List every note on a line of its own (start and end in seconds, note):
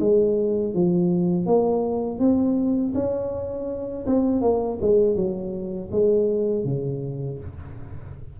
0.00 0.74 G#3
0.74 1.46 F3
1.46 2.19 A#3
2.19 2.93 C4
2.94 4.05 C#4
4.06 4.41 C4
4.41 4.78 A#3
4.81 5.15 G#3
5.15 5.90 F#3
5.91 6.65 G#3
6.65 7.39 C#3